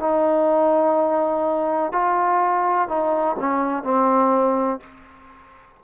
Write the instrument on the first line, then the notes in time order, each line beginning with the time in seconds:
trombone
0.00 D#4
1.92 F4
2.89 D#4
3.40 C#4
3.84 C4